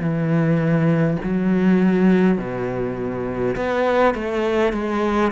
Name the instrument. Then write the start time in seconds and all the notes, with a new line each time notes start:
cello
0.00 E3
1.24 F#3
2.39 B2
3.56 B3
4.15 A3
4.73 G#3